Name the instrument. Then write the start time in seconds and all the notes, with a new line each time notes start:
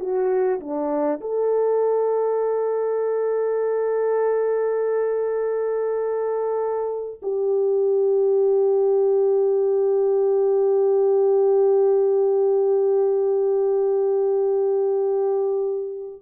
horn
0.00 F#4
0.61 D4
1.21 A4
7.22 G4